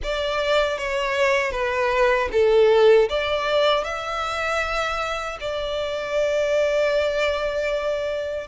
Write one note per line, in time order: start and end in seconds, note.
0.03 0.77 D5
0.77 1.51 C#5
1.51 2.28 B4
2.31 3.08 A4
3.09 3.84 D5
3.84 5.37 E5
5.40 8.47 D5